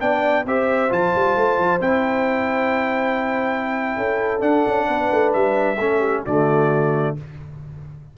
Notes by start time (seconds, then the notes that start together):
0.00 B3 D4 D5 G5
0.46 C4 G4 C5 E5
0.90 F3 F4 A5
1.16 G3
1.37 A3
1.59 F3
1.81 C4 E4 G5
3.97 C#4 A4
4.41 D4 F#5
4.67 C#4
4.88 B3 B4
5.12 A3
5.34 G3 E5
5.79 A3 C#4 A4
6.00 G4
6.25 D3 A3 F#4 D5